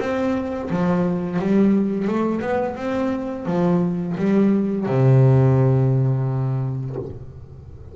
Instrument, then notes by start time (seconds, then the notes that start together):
double bass
0.00 C4
0.70 F3
1.39 G3
2.08 A3
2.41 B3
2.76 C4
3.46 F3
4.17 G3
4.86 C3